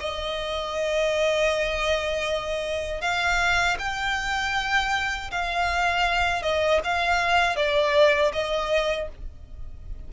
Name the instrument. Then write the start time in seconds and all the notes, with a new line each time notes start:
violin
0.00 D#5
3.01 F5
3.79 G5
5.32 F5
6.42 D#5
6.84 F5
7.56 D5
8.33 D#5